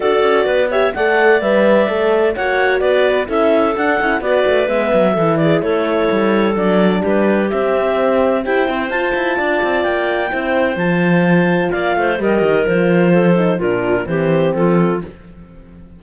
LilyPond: <<
  \new Staff \with { instrumentName = "clarinet" } { \time 4/4 \tempo 4 = 128 d''4. e''8 fis''4 e''4~ | e''4 fis''4 d''4 e''4 | fis''4 d''4 e''4. d''8 | cis''2 d''4 b'4 |
e''2 g''4 a''4~ | a''4 g''2 a''4~ | a''4 f''4 dis''4 c''4~ | c''4 ais'4 c''4 a'4 | }
  \new Staff \with { instrumentName = "clarinet" } { \time 4/4 a'4 b'8 cis''8 d''2~ | d''4 cis''4 b'4 a'4~ | a'4 b'2 a'8 gis'8 | a'2. g'4~ |
g'2 c''2 | d''2 c''2~ | c''4 d''8 c''8 ais'2 | a'4 f'4 g'4 f'4 | }
  \new Staff \with { instrumentName = "horn" } { \time 4/4 fis'4. g'8 a'4 b'4 | a'4 fis'2 e'4 | d'8 e'8 fis'4 b4 e'4~ | e'2 d'2 |
c'2 g'8 e'8 f'4~ | f'2 e'4 f'4~ | f'2 g'4 f'4~ | f'8 dis'8 d'4 c'2 | }
  \new Staff \with { instrumentName = "cello" } { \time 4/4 d'8 cis'8 b4 a4 g4 | a4 ais4 b4 cis'4 | d'8 cis'8 b8 a8 gis8 fis8 e4 | a4 g4 fis4 g4 |
c'2 e'8 c'8 f'8 e'8 | d'8 c'8 ais4 c'4 f4~ | f4 ais8 a8 g8 dis8 f4~ | f4 ais,4 e4 f4 | }
>>